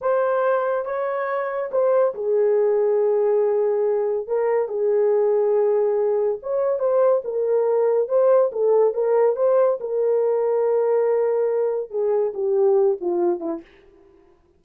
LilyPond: \new Staff \with { instrumentName = "horn" } { \time 4/4 \tempo 4 = 141 c''2 cis''2 | c''4 gis'2.~ | gis'2 ais'4 gis'4~ | gis'2. cis''4 |
c''4 ais'2 c''4 | a'4 ais'4 c''4 ais'4~ | ais'1 | gis'4 g'4. f'4 e'8 | }